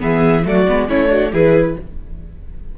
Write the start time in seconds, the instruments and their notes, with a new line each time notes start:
0.00 cello E3, viola B3, violin G#4 E5
0.44 cello F#3, viola A3, violin F#4 D5
0.68 cello G#3, viola B3
0.88 cello A3, viola C#4, violin E4 C#5
1.09 viola D4, violin F#4
1.32 cello E3, viola E4, violin G#4 B4